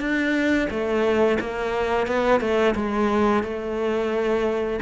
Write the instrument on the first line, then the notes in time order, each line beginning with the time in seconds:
cello
0.00 D4
0.70 A3
1.40 A#3
2.07 B3
2.41 A3
2.76 G#3
3.43 A3